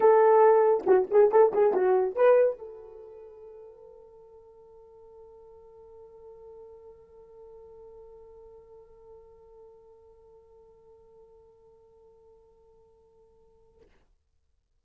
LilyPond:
\new Staff \with { instrumentName = "horn" } { \time 4/4 \tempo 4 = 139 a'2 fis'8 gis'8 a'8 gis'8 | fis'4 b'4 a'2~ | a'1~ | a'1~ |
a'1~ | a'1~ | a'1~ | a'1 | }